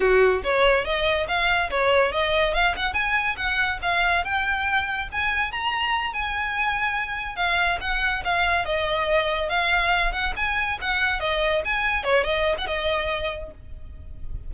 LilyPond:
\new Staff \with { instrumentName = "violin" } { \time 4/4 \tempo 4 = 142 fis'4 cis''4 dis''4 f''4 | cis''4 dis''4 f''8 fis''8 gis''4 | fis''4 f''4 g''2 | gis''4 ais''4. gis''4.~ |
gis''4. f''4 fis''4 f''8~ | f''8 dis''2 f''4. | fis''8 gis''4 fis''4 dis''4 gis''8~ | gis''8 cis''8 dis''8. fis''16 dis''2 | }